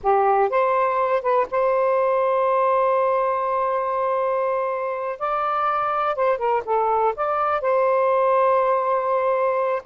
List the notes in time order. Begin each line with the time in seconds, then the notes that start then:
0.02 G4
0.49 C5
1.22 B4
1.50 C5
5.19 D5
6.15 C5
6.38 A#4
6.65 A4
7.16 D5
7.61 C5